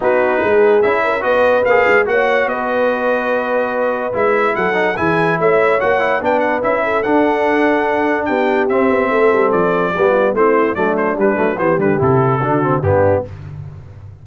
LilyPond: <<
  \new Staff \with { instrumentName = "trumpet" } { \time 4/4 \tempo 4 = 145 b'2 e''4 dis''4 | f''4 fis''4 dis''2~ | dis''2 e''4 fis''4 | gis''4 e''4 fis''4 g''8 fis''8 |
e''4 fis''2. | g''4 e''2 d''4~ | d''4 c''4 d''8 c''8 b'4 | c''8 b'8 a'2 g'4 | }
  \new Staff \with { instrumentName = "horn" } { \time 4/4 fis'4 gis'4. ais'8 b'4~ | b'4 cis''4 b'2~ | b'2. a'4 | gis'4 cis''2 b'4~ |
b'8 a'2.~ a'8 | g'2 a'2 | g'8 f'8 e'4 d'2 | g'2 fis'4 d'4 | }
  \new Staff \with { instrumentName = "trombone" } { \time 4/4 dis'2 e'4 fis'4 | gis'4 fis'2.~ | fis'2 e'4. dis'8 | e'2 fis'8 e'8 d'4 |
e'4 d'2.~ | d'4 c'2. | b4 c'4 a4 g8 a8 | b8 g8 e'4 d'8 c'8 b4 | }
  \new Staff \with { instrumentName = "tuba" } { \time 4/4 b4 gis4 cis'4 b4 | ais8 gis8 ais4 b2~ | b2 gis4 fis4 | e4 a4 ais4 b4 |
cis'4 d'2. | b4 c'8 b8 a8 g8 f4 | g4 a4 fis4 g8 fis8 | e8 d8 c4 d4 g,4 | }
>>